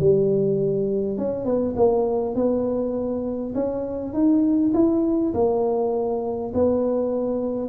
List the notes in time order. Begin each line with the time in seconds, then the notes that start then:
0.00 G3
1.18 C#4
1.45 B3
1.76 A#3
2.35 B3
3.55 C#4
4.13 D#4
4.74 E4
5.34 A#3
6.54 B3